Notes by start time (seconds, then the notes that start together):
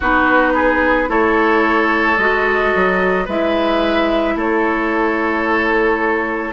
0.00 B3 D#4 F#4 B4
0.54 G#4
1.07 A3 E4 A4 C#5
2.17 G#3 F#4 D#5
2.75 F#3
3.25 G#3 E4 B4 E5
4.35 A3 A4 C#5